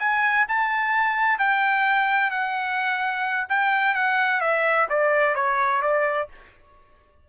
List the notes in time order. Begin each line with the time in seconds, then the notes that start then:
0.00 G#5
0.49 A5
1.39 G5
2.31 F#5
3.49 G5
3.95 F#5
4.41 E5
4.90 D5
5.36 C#5
5.82 D5